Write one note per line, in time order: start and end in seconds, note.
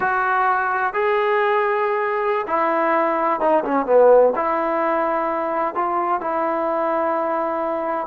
0.00 0.93 F#4
0.93 2.45 G#4
2.47 3.40 E4
3.40 3.63 D#4
3.64 3.86 C#4
3.86 4.33 B3
4.35 5.74 E4
5.74 6.20 F4
6.20 8.07 E4